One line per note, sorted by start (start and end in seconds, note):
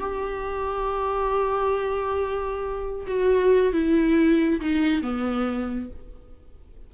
0.00 3.07 G4
3.08 3.73 F#4
3.73 4.61 E4
4.61 5.03 D#4
5.03 5.90 B3